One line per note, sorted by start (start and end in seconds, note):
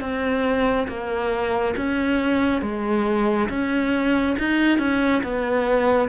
0.00 0.87 C4
0.88 1.75 A#3
1.76 2.61 C#4
2.61 3.48 G#3
3.49 4.36 C#4
4.39 4.78 D#4
4.78 5.21 C#4
5.23 6.08 B3